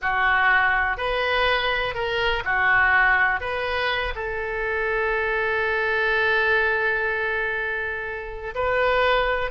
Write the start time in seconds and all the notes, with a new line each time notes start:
0.01 F#4
0.97 B4
1.94 A#4
2.44 F#4
3.40 B4
4.15 A4
8.54 B4